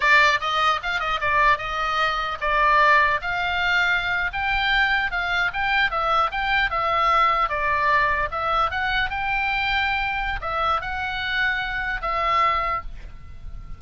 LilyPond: \new Staff \with { instrumentName = "oboe" } { \time 4/4 \tempo 4 = 150 d''4 dis''4 f''8 dis''8 d''4 | dis''2 d''2 | f''2~ f''8. g''4~ g''16~ | g''8. f''4 g''4 e''4 g''16~ |
g''8. e''2 d''4~ d''16~ | d''8. e''4 fis''4 g''4~ g''16~ | g''2 e''4 fis''4~ | fis''2 e''2 | }